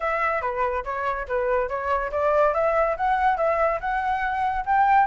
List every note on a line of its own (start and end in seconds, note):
0.00 0.41 E5
0.41 0.84 B4
0.84 1.26 C#5
1.28 1.68 B4
1.68 2.10 C#5
2.11 2.54 D5
2.54 2.96 E5
2.96 3.37 F#5
3.37 3.79 E5
3.80 4.65 F#5
4.65 5.06 G5